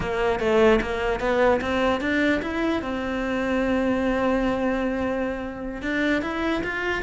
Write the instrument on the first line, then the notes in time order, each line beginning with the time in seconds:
cello
0.00 A#3
0.39 A3
0.81 A#3
1.20 B3
1.61 C4
2.00 D4
2.41 E4
2.82 C4
5.82 D4
6.22 E4
6.63 F4